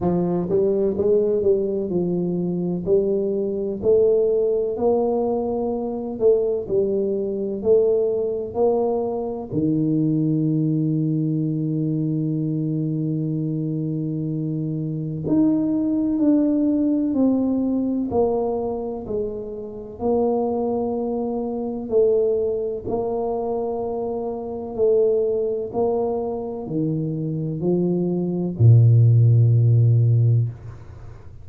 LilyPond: \new Staff \with { instrumentName = "tuba" } { \time 4/4 \tempo 4 = 63 f8 g8 gis8 g8 f4 g4 | a4 ais4. a8 g4 | a4 ais4 dis2~ | dis1 |
dis'4 d'4 c'4 ais4 | gis4 ais2 a4 | ais2 a4 ais4 | dis4 f4 ais,2 | }